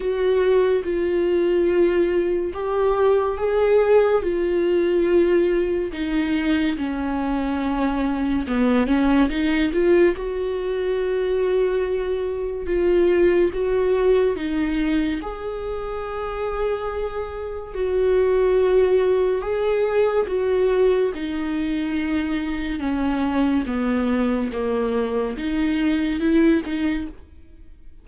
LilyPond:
\new Staff \with { instrumentName = "viola" } { \time 4/4 \tempo 4 = 71 fis'4 f'2 g'4 | gis'4 f'2 dis'4 | cis'2 b8 cis'8 dis'8 f'8 | fis'2. f'4 |
fis'4 dis'4 gis'2~ | gis'4 fis'2 gis'4 | fis'4 dis'2 cis'4 | b4 ais4 dis'4 e'8 dis'8 | }